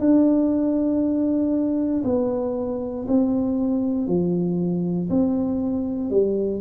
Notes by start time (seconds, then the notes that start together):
0.00 D4
2.05 B3
3.08 C4
4.08 F3
5.10 C4
6.11 G3